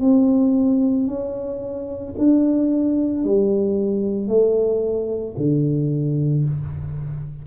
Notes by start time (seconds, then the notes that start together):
0.00 C4
1.07 C#4
2.18 D4
3.24 G3
4.28 A3
5.37 D3